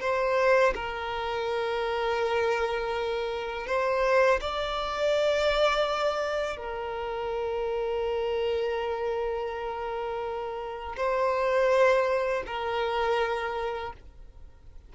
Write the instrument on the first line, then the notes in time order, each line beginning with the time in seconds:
violin
0.00 C5
0.75 A#4
3.67 C5
4.40 D5
6.57 A#4
10.97 C5
12.46 A#4